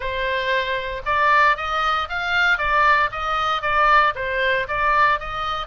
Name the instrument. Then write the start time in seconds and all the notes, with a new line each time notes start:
oboe
0.00 C5
1.05 D5
1.57 D#5
2.09 F5
2.58 D5
3.11 D#5
3.61 D5
4.15 C5
4.68 D5
5.19 D#5